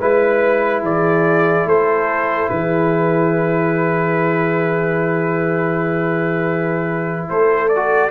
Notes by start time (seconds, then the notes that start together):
0.00 G#3 E4 B4
0.82 E3 G#4 D5
1.66 A3 A4 C5
2.50 E3 G#4 B4
7.29 A3 A4 C5
7.69 D5
7.76 F#4